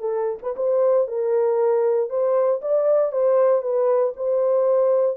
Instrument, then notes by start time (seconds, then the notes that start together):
horn
0.00 A4
0.42 B4
0.56 C5
1.07 A#4
2.10 C5
2.62 D5
3.12 C5
3.62 B4
4.16 C5